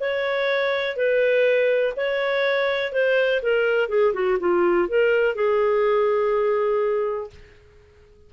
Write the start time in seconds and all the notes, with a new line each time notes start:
0.00 C#5
0.96 B4
1.96 C#5
2.93 C5
3.43 A#4
3.89 G#4
4.14 F#4
4.40 F4
4.88 A#4
5.35 G#4